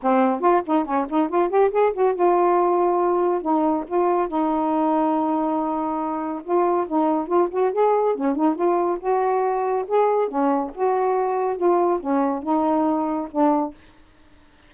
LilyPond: \new Staff \with { instrumentName = "saxophone" } { \time 4/4 \tempo 4 = 140 c'4 f'8 dis'8 cis'8 dis'8 f'8 g'8 | gis'8 fis'8 f'2. | dis'4 f'4 dis'2~ | dis'2. f'4 |
dis'4 f'8 fis'8 gis'4 cis'8 dis'8 | f'4 fis'2 gis'4 | cis'4 fis'2 f'4 | cis'4 dis'2 d'4 | }